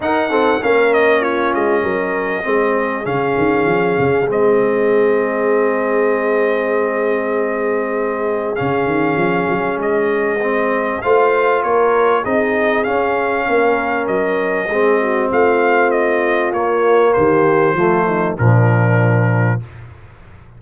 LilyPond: <<
  \new Staff \with { instrumentName = "trumpet" } { \time 4/4 \tempo 4 = 98 fis''4 f''8 dis''8 cis''8 dis''4.~ | dis''4 f''2 dis''4~ | dis''1~ | dis''2 f''2 |
dis''2 f''4 cis''4 | dis''4 f''2 dis''4~ | dis''4 f''4 dis''4 cis''4 | c''2 ais'2 | }
  \new Staff \with { instrumentName = "horn" } { \time 4/4 ais'8 a'8 ais'4 f'4 ais'4 | gis'1~ | gis'1~ | gis'1~ |
gis'2 c''4 ais'4 | gis'2 ais'2 | gis'8 fis'8 f'2. | g'4 f'8 dis'8 d'2 | }
  \new Staff \with { instrumentName = "trombone" } { \time 4/4 dis'8 c'8 cis'2. | c'4 cis'2 c'4~ | c'1~ | c'2 cis'2~ |
cis'4 c'4 f'2 | dis'4 cis'2. | c'2. ais4~ | ais4 a4 f2 | }
  \new Staff \with { instrumentName = "tuba" } { \time 4/4 dis'4 ais4. gis8 fis4 | gis4 cis8 dis8 f8 cis8 gis4~ | gis1~ | gis2 cis8 dis8 f8 fis8 |
gis2 a4 ais4 | c'4 cis'4 ais4 fis4 | gis4 a2 ais4 | dis4 f4 ais,2 | }
>>